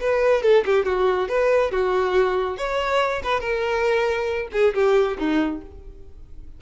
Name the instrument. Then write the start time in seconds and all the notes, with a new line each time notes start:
violin
0.00 B4
0.42 A4
0.65 G4
0.85 F#4
1.28 B4
1.71 F#4
2.57 C#5
3.23 B4
3.40 A#4
4.52 G#4
4.74 G4
5.18 D#4